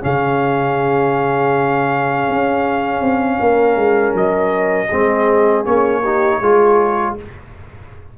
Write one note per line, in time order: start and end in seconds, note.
0.00 2.28 C#3
0.00 4.88 C#4
0.00 3.39 G#4
0.00 4.16 F5
2.28 3.01 C#4
3.01 3.38 C4
3.39 3.76 A#3
3.39 4.88 A#4
3.76 4.13 G#3
4.14 4.89 F#3
4.14 5.65 D#5
4.88 5.66 G#3
4.88 5.65 C4
4.88 6.00 G#4
5.65 6.41 A#3
5.65 6.02 C#4
5.65 7.15 C#5
6.03 6.42 D#4
6.03 6.40 G4
6.40 7.16 G#3
6.40 7.18 F4
6.40 7.15 G#4